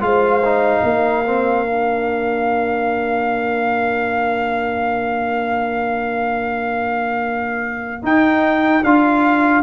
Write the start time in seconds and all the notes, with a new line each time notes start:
0.00 G#3 F4 C5 F5
0.44 D#4
0.83 A#3 A#4
1.25 C4
1.65 D4
8.02 D#4 G5
8.83 D4 F4 F5